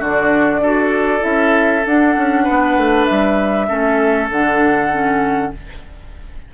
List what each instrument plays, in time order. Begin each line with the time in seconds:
0.00 bassoon D3, clarinet D4, oboe F#4, flute D5
0.60 bassoon D4, clarinet F#4, oboe A4
1.20 bassoon C#4, clarinet E4, flute E5
1.86 bassoon D4, clarinet D4, flute F#5
2.17 bassoon C#4
2.44 bassoon B3, oboe B4
2.77 bassoon A3
3.06 bassoon G3, flute E5
3.68 bassoon A3, clarinet C#4, oboe A4
4.31 bassoon D3, clarinet D4, flute F#5
4.91 clarinet C#4